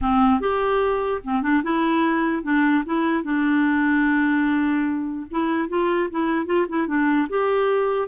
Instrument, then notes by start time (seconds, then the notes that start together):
clarinet
0.01 C4
0.40 G4
1.24 C4
1.42 D4
1.63 E4
2.43 D4
2.85 E4
3.23 D4
5.30 E4
5.68 F4
6.10 E4
6.46 F4
6.69 E4
6.87 D4
7.29 G4